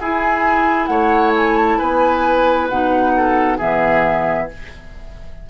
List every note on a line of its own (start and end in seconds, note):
0.00 0.88 E4
0.00 2.71 E4
0.00 0.90 G#4
0.00 0.86 G#5
0.86 1.78 A3
0.86 1.78 C#5
0.86 1.31 F#5
1.36 1.57 G#5
1.57 1.78 A5
1.78 2.70 B3
1.78 3.12 B4
1.78 2.68 G#5
2.69 3.59 B2
2.69 3.59 D#4
2.69 3.58 F#5
3.17 3.58 A4
3.58 4.50 E3
3.58 4.48 B3
3.58 4.47 G#4
3.58 4.49 E5